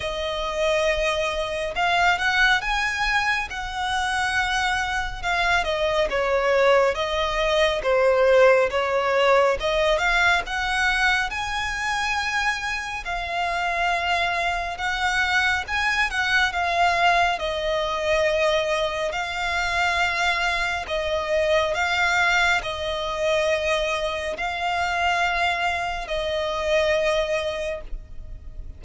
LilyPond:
\new Staff \with { instrumentName = "violin" } { \time 4/4 \tempo 4 = 69 dis''2 f''8 fis''8 gis''4 | fis''2 f''8 dis''8 cis''4 | dis''4 c''4 cis''4 dis''8 f''8 | fis''4 gis''2 f''4~ |
f''4 fis''4 gis''8 fis''8 f''4 | dis''2 f''2 | dis''4 f''4 dis''2 | f''2 dis''2 | }